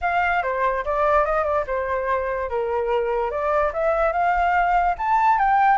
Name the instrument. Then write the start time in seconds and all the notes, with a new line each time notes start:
flute
0.01 F5
0.43 C5
0.84 D5
1.25 D#5
1.44 D5
1.66 C5
2.49 A#4
3.30 D5
3.73 E5
4.12 F5
4.97 A5
5.38 G5